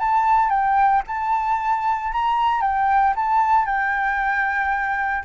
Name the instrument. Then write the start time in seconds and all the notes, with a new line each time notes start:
flute
0.00 A5
0.50 G5
1.07 A5
2.13 A#5
2.61 G5
3.16 A5
3.66 G5